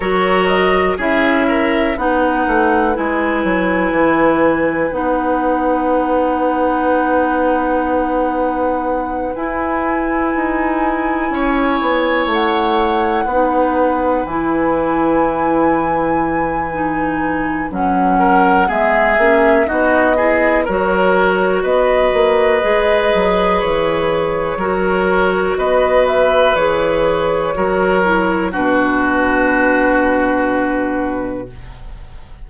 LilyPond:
<<
  \new Staff \with { instrumentName = "flute" } { \time 4/4 \tempo 4 = 61 cis''8 dis''8 e''4 fis''4 gis''4~ | gis''4 fis''2.~ | fis''4. gis''2~ gis''8~ | gis''8 fis''2 gis''4.~ |
gis''2 fis''4 e''4 | dis''4 cis''4 dis''2 | cis''2 dis''8 e''8 cis''4~ | cis''4 b'2. | }
  \new Staff \with { instrumentName = "oboe" } { \time 4/4 ais'4 gis'8 ais'8 b'2~ | b'1~ | b'2.~ b'8 cis''8~ | cis''4. b'2~ b'8~ |
b'2~ b'8 ais'8 gis'4 | fis'8 gis'8 ais'4 b'2~ | b'4 ais'4 b'2 | ais'4 fis'2. | }
  \new Staff \with { instrumentName = "clarinet" } { \time 4/4 fis'4 e'4 dis'4 e'4~ | e'4 dis'2.~ | dis'4. e'2~ e'8~ | e'4. dis'4 e'4.~ |
e'4 dis'4 cis'4 b8 cis'8 | dis'8 e'8 fis'2 gis'4~ | gis'4 fis'2 gis'4 | fis'8 e'8 d'2. | }
  \new Staff \with { instrumentName = "bassoon" } { \time 4/4 fis4 cis'4 b8 a8 gis8 fis8 | e4 b2.~ | b4. e'4 dis'4 cis'8 | b8 a4 b4 e4.~ |
e2 fis4 gis8 ais8 | b4 fis4 b8 ais8 gis8 fis8 | e4 fis4 b4 e4 | fis4 b,2. | }
>>